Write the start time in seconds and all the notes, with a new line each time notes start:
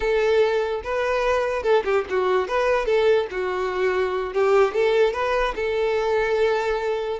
0.00 A4
0.83 B4
1.63 A4
1.84 G4
2.09 F#4
2.48 B4
2.85 A4
3.30 F#4
4.33 G4
4.74 A4
5.13 B4
5.55 A4